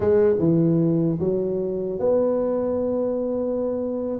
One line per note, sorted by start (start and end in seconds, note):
0.00 0.36 G#3
0.39 1.19 E3
1.19 1.99 F#3
1.99 4.19 B3